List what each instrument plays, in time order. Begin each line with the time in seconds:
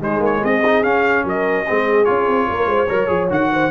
0.00 trombone G#3, tuba G#3, horn D#4, trumpet C5
0.20 tuba A#3, trumpet C#5
0.43 tuba C4, horn G#4, trumpet D#5
0.65 trombone D#4
0.83 tuba C#4, trombone C#4, trumpet F5
1.24 tuba F#3, horn A#4, trumpet D#5
1.66 tuba G#3, trombone C4, horn G#4
2.04 tuba C#4, trombone F4, trumpet C#5
2.27 tuba C4
2.48 tuba A#3, horn A#4
2.65 tuba G#3, horn C5
2.88 tuba F#3, trombone A#4, horn C#5
3.07 tuba F3, trombone G#4
3.29 tuba D#3, trombone F#4, trumpet F#5
3.51 horn C5